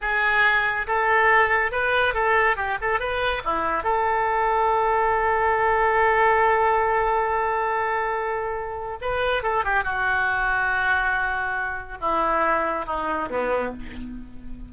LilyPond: \new Staff \with { instrumentName = "oboe" } { \time 4/4 \tempo 4 = 140 gis'2 a'2 | b'4 a'4 g'8 a'8 b'4 | e'4 a'2.~ | a'1~ |
a'1~ | a'4 b'4 a'8 g'8 fis'4~ | fis'1 | e'2 dis'4 b4 | }